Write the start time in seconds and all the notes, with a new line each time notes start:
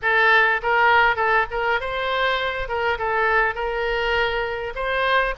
0.01 A4
0.62 A#4
1.16 A4
1.50 A#4
1.80 C5
2.68 A#4
2.98 A4
3.54 A#4
4.75 C5